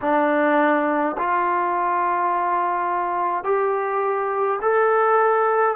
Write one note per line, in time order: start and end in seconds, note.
0.01 1.16 D4
1.17 3.44 F4
3.44 4.59 G4
4.61 5.76 A4